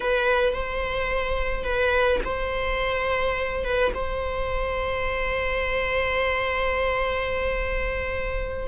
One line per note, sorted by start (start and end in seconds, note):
0.00 0.53 B4
0.53 1.64 C5
1.64 2.20 B4
2.24 3.64 C5
3.64 3.92 B4
3.94 8.68 C5